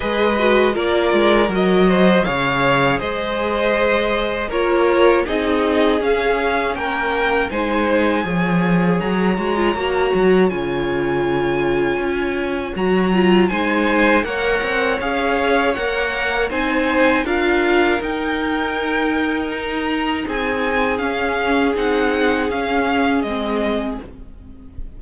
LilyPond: <<
  \new Staff \with { instrumentName = "violin" } { \time 4/4 \tempo 4 = 80 dis''4 d''4 dis''4 f''4 | dis''2 cis''4 dis''4 | f''4 g''4 gis''2 | ais''2 gis''2~ |
gis''4 ais''4 gis''4 fis''4 | f''4 fis''4 gis''4 f''4 | g''2 ais''4 gis''4 | f''4 fis''4 f''4 dis''4 | }
  \new Staff \with { instrumentName = "violin" } { \time 4/4 b'4 ais'4. c''8 cis''4 | c''2 ais'4 gis'4~ | gis'4 ais'4 c''4 cis''4~ | cis''1~ |
cis''2 c''4 cis''4~ | cis''2 c''4 ais'4~ | ais'2. gis'4~ | gis'1 | }
  \new Staff \with { instrumentName = "viola" } { \time 4/4 gis'8 fis'8 f'4 fis'4 gis'4~ | gis'2 f'4 dis'4 | cis'2 dis'4 gis'4~ | gis'8 fis'16 f'16 fis'4 f'2~ |
f'4 fis'8 f'8 dis'4 ais'4 | gis'4 ais'4 dis'4 f'4 | dis'1 | cis'4 dis'4 cis'4 c'4 | }
  \new Staff \with { instrumentName = "cello" } { \time 4/4 gis4 ais8 gis8 fis4 cis4 | gis2 ais4 c'4 | cis'4 ais4 gis4 f4 | fis8 gis8 ais8 fis8 cis2 |
cis'4 fis4 gis4 ais8 c'8 | cis'4 ais4 c'4 d'4 | dis'2. c'4 | cis'4 c'4 cis'4 gis4 | }
>>